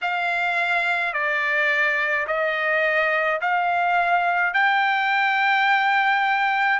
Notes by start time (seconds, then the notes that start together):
0.01 F5
1.13 D5
2.27 D#5
3.41 F5
4.53 G5